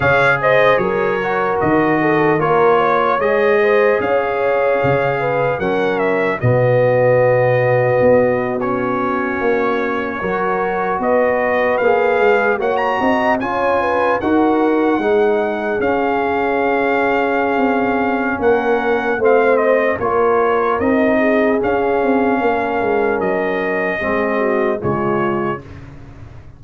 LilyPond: <<
  \new Staff \with { instrumentName = "trumpet" } { \time 4/4 \tempo 4 = 75 f''8 dis''8 cis''4 dis''4 cis''4 | dis''4 f''2 fis''8 e''8 | dis''2~ dis''8. cis''4~ cis''16~ | cis''4.~ cis''16 dis''4 f''4 fis''16 |
ais''8. gis''4 fis''2 f''16~ | f''2. fis''4 | f''8 dis''8 cis''4 dis''4 f''4~ | f''4 dis''2 cis''4 | }
  \new Staff \with { instrumentName = "horn" } { \time 4/4 cis''8 c''8 ais'4. a'8 ais'8 cis''8~ | cis''8 c''8 cis''4. b'8 ais'4 | fis'1~ | fis'8. ais'4 b'2 cis''16~ |
cis''16 dis''8 cis''8 b'8 ais'4 gis'4~ gis'16~ | gis'2. ais'4 | c''4 ais'4. gis'4. | ais'2 gis'8 fis'8 f'4 | }
  \new Staff \with { instrumentName = "trombone" } { \time 4/4 gis'4. fis'4. f'4 | gis'2. cis'4 | b2~ b8. cis'4~ cis'16~ | cis'8. fis'2 gis'4 fis'16~ |
fis'8. f'4 fis'4 dis'4 cis'16~ | cis'1 | c'4 f'4 dis'4 cis'4~ | cis'2 c'4 gis4 | }
  \new Staff \with { instrumentName = "tuba" } { \time 4/4 cis4 fis4 dis4 ais4 | gis4 cis'4 cis4 fis4 | b,2 b4.~ b16 ais16~ | ais8. fis4 b4 ais8 gis8 ais16~ |
ais16 c'8 cis'4 dis'4 gis4 cis'16~ | cis'2 c'4 ais4 | a4 ais4 c'4 cis'8 c'8 | ais8 gis8 fis4 gis4 cis4 | }
>>